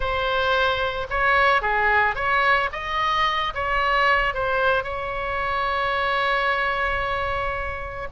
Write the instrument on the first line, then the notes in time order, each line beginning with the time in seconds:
oboe
0.00 C5
1.10 C#5
1.61 G#4
2.15 C#5
2.72 D#5
3.54 C#5
4.34 C5
4.83 C#5